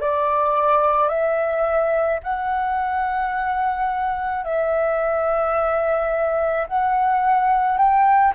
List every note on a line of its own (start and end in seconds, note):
0.00 1.08 D5
1.08 2.19 E5
2.23 4.44 F#5
4.44 6.67 E5
6.67 7.77 F#5
7.77 8.33 G5